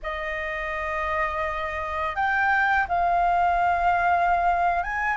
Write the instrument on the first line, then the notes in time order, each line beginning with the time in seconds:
flute
0.02 D#5
2.15 G5
2.88 F5
4.83 G#5